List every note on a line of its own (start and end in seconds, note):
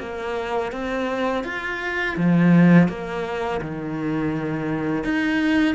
0.00 0.72 A#3
0.72 1.45 C4
1.45 2.17 F4
2.17 2.89 F3
2.89 3.61 A#3
3.62 5.04 D#3
5.04 5.76 D#4